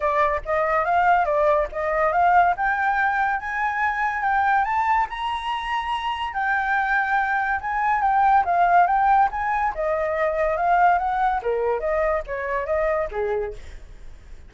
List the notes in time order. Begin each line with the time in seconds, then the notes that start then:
0.00 D5
0.45 D#5
0.85 F5
1.25 D5
1.72 D#5
2.12 F5
2.57 G5
3.40 G#5
4.22 G5
4.64 A5
5.09 A#5
6.33 G5
7.60 G#5
8.01 G5
8.44 F5
8.86 G5
9.31 G#5
9.75 D#5
10.56 F5
10.98 F#5
11.42 A#4
11.80 D#5
12.26 C#5
12.65 D#5
13.11 G#4